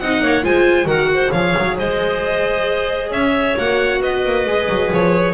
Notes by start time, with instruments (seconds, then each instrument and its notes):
0.00 double bass C4, viola D#4, clarinet D#5, violin F#5
0.21 double bass A#3, clarinet C#5
0.43 double bass G#3, viola F4, clarinet C5, violin G#5
0.85 double bass D#3, viola F#4, clarinet A#4, violin F#5
1.14 clarinet C5
1.31 double bass F3, viola G#4, clarinet C#5, violin F5
1.58 double bass F#3
1.77 double bass G#3, clarinet C5, violin D#5
3.10 double bass C#4, clarinet C#5, violin E5
3.58 double bass A#3, viola F#4, violin F#5
4.01 double bass B3, clarinet B4, violin D#5
4.25 double bass A#3
4.46 double bass G#3, viola G#4
4.68 double bass F#3
4.92 double bass F3, violin C#5